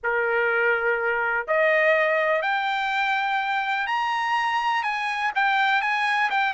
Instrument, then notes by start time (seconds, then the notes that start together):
trumpet
0.03 A#4
1.47 D#5
2.42 G5
3.87 A#5
4.83 G#5
5.35 G5
5.81 G#5
6.30 G5